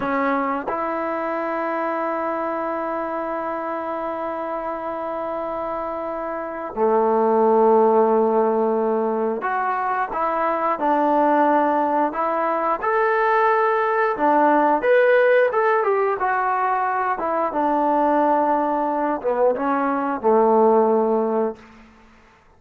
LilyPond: \new Staff \with { instrumentName = "trombone" } { \time 4/4 \tempo 4 = 89 cis'4 e'2.~ | e'1~ | e'2 a2~ | a2 fis'4 e'4 |
d'2 e'4 a'4~ | a'4 d'4 b'4 a'8 g'8 | fis'4. e'8 d'2~ | d'8 b8 cis'4 a2 | }